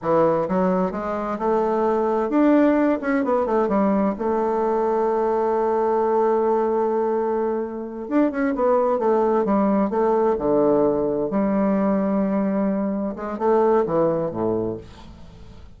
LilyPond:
\new Staff \with { instrumentName = "bassoon" } { \time 4/4 \tempo 4 = 130 e4 fis4 gis4 a4~ | a4 d'4. cis'8 b8 a8 | g4 a2.~ | a1~ |
a4. d'8 cis'8 b4 a8~ | a8 g4 a4 d4.~ | d8 g2.~ g8~ | g8 gis8 a4 e4 a,4 | }